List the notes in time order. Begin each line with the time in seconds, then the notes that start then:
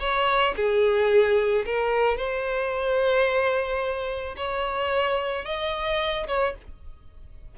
0.00 C#5
0.56 G#4
1.66 A#4
2.17 C5
4.37 C#5
5.45 D#5
6.27 C#5